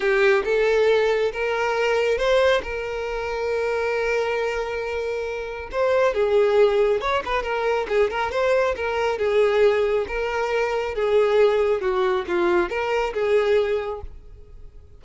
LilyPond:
\new Staff \with { instrumentName = "violin" } { \time 4/4 \tempo 4 = 137 g'4 a'2 ais'4~ | ais'4 c''4 ais'2~ | ais'1~ | ais'4 c''4 gis'2 |
cis''8 b'8 ais'4 gis'8 ais'8 c''4 | ais'4 gis'2 ais'4~ | ais'4 gis'2 fis'4 | f'4 ais'4 gis'2 | }